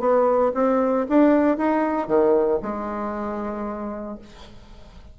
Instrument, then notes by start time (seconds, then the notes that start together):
bassoon
0.00 B3
0.54 C4
1.09 D4
1.57 D#4
2.08 D#3
2.62 G#3